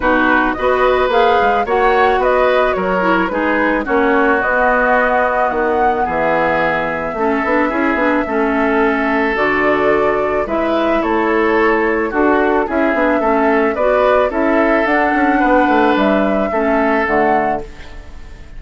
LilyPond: <<
  \new Staff \with { instrumentName = "flute" } { \time 4/4 \tempo 4 = 109 b'4 dis''4 f''4 fis''4 | dis''4 cis''4 b'4 cis''4 | dis''2 fis''4 e''4~ | e''1~ |
e''4 d''2 e''4 | cis''2 a'4 e''4~ | e''4 d''4 e''4 fis''4~ | fis''4 e''2 fis''4 | }
  \new Staff \with { instrumentName = "oboe" } { \time 4/4 fis'4 b'2 cis''4 | b'4 ais'4 gis'4 fis'4~ | fis'2. gis'4~ | gis'4 a'4 gis'4 a'4~ |
a'2. b'4 | a'2 fis'4 gis'4 | a'4 b'4 a'2 | b'2 a'2 | }
  \new Staff \with { instrumentName = "clarinet" } { \time 4/4 dis'4 fis'4 gis'4 fis'4~ | fis'4. e'8 dis'4 cis'4 | b1~ | b4 cis'8 d'8 e'8 d'8 cis'4~ |
cis'4 fis'2 e'4~ | e'2 fis'4 e'8 d'8 | cis'4 fis'4 e'4 d'4~ | d'2 cis'4 a4 | }
  \new Staff \with { instrumentName = "bassoon" } { \time 4/4 b,4 b4 ais8 gis8 ais4 | b4 fis4 gis4 ais4 | b2 dis4 e4~ | e4 a8 b8 cis'8 b8 a4~ |
a4 d2 gis4 | a2 d'4 cis'8 b8 | a4 b4 cis'4 d'8 cis'8 | b8 a8 g4 a4 d4 | }
>>